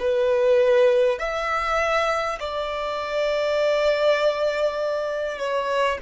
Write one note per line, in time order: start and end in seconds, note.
0.00 1.19 B4
1.19 2.39 E5
2.40 5.39 D5
5.39 5.99 C#5